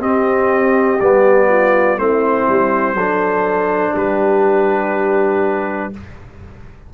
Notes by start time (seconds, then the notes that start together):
0.00 C4 G4 D#5
1.00 G3 B3 D5
1.49 F4
1.98 A3 C4 E4 C5
2.48 G3
2.94 F#3 D4 A4
3.93 G3 G4 B4